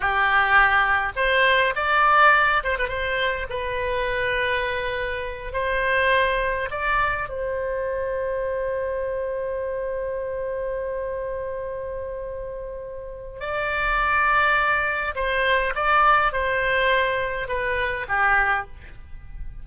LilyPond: \new Staff \with { instrumentName = "oboe" } { \time 4/4 \tempo 4 = 103 g'2 c''4 d''4~ | d''8 c''16 b'16 c''4 b'2~ | b'4. c''2 d''8~ | d''8 c''2.~ c''8~ |
c''1~ | c''2. d''4~ | d''2 c''4 d''4 | c''2 b'4 g'4 | }